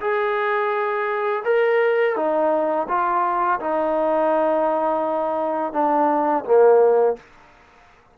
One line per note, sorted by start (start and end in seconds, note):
0.00 1.43 G#4
1.44 2.16 A#4
2.16 2.87 D#4
2.88 3.59 F4
3.60 5.73 D#4
5.73 6.44 D4
6.45 7.16 A#3